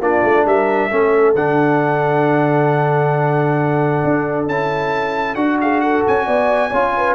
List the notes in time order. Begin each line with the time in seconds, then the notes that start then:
0.00 A#3 D4 F4 D5
0.24 A3
0.45 G3 A#4 E5
0.90 A3 C#4 A4
1.34 D3 D4 F#5
4.04 D4
4.47 C#4 E4 A5
5.35 D4 F#4 F#5
5.61 G#4 F5
5.81 A4 F#5
6.07 C#4 G#5
6.26 B3 D5
6.70 C#4 F4 C#5
6.96 B4